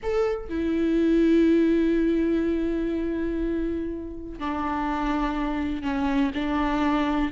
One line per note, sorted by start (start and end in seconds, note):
0.02 0.49 A4
0.49 4.39 E4
4.39 5.82 D4
5.82 6.31 C#4
6.34 7.32 D4